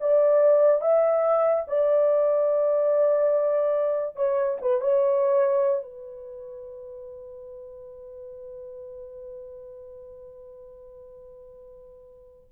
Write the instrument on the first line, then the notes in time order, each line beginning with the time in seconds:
horn
0.00 D5
0.81 E5
1.67 D5
4.16 C#5
4.61 B4
4.81 C#5
5.82 B4